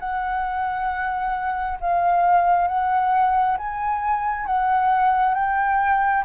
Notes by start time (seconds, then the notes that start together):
0.00 F#5
1.80 F5
2.68 F#5
3.58 G#5
4.47 F#5
5.34 G5